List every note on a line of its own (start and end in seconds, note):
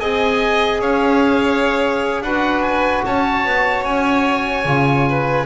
0.00 0.81 C4
0.00 2.25 G#4
0.00 0.81 D#5
0.00 0.81 G#5
0.81 2.21 C#4
0.81 2.23 C#5
0.81 2.22 F5
2.21 3.02 D4
2.21 4.66 F#4
2.21 3.05 B4
2.21 2.62 F#5
2.62 3.03 G#5
3.06 3.45 C#4
3.06 5.09 C#5
3.06 3.85 A5
3.45 3.85 B3
3.85 4.65 C#4
3.85 5.46 G#5
4.65 5.46 C#3
4.65 5.46 F4
5.09 5.46 B4